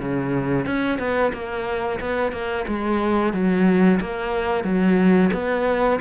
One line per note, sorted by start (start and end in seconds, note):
0.00 0.66 C#3
0.66 0.99 C#4
0.99 1.32 B3
1.33 2.00 A#3
2.00 2.32 B3
2.32 2.65 A#3
2.68 3.33 G#3
3.33 4.00 F#3
4.01 4.64 A#3
4.64 5.31 F#3
5.33 6.00 B3